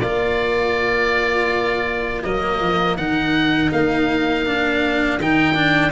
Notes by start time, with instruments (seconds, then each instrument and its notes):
0.00 tuba A#3, cello F4, saxophone A#4, oboe D5
2.23 tuba F#3, cello A#3, oboe D#5
2.60 tuba F3
2.96 tuba D#3, cello D#4, oboe F#5
3.72 tuba A#3, oboe F5
4.46 cello D4
5.18 tuba D#3, cello D#4, oboe G5
5.54 cello D4